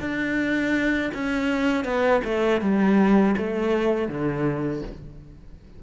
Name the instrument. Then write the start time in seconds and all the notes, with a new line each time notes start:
cello
0.00 D4
1.14 C#4
1.85 B3
2.25 A3
2.61 G3
3.37 A3
4.08 D3